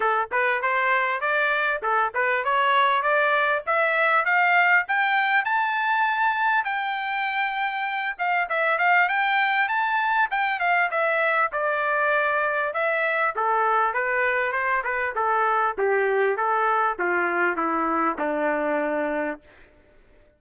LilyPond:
\new Staff \with { instrumentName = "trumpet" } { \time 4/4 \tempo 4 = 99 a'8 b'8 c''4 d''4 a'8 b'8 | cis''4 d''4 e''4 f''4 | g''4 a''2 g''4~ | g''4. f''8 e''8 f''8 g''4 |
a''4 g''8 f''8 e''4 d''4~ | d''4 e''4 a'4 b'4 | c''8 b'8 a'4 g'4 a'4 | f'4 e'4 d'2 | }